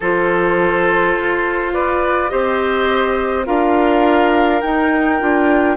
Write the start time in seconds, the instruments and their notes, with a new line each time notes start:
0.00 bassoon F3, clarinet F4, oboe A4, flute C5
1.15 bassoon F4
1.73 oboe B4, flute D5
2.29 bassoon C4, clarinet G4, oboe C5, flute D#5
3.45 bassoon D4, clarinet F4, oboe A#4, flute F5
4.61 clarinet D#4, bassoon D#4, flute G5
5.19 bassoon D4, clarinet F4